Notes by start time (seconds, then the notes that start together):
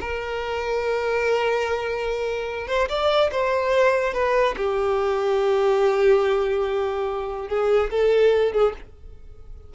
0.00 A#4
2.67 C5
2.89 D5
3.31 C5
4.13 B4
4.57 G4
7.48 G#4
7.90 A4
8.52 G#4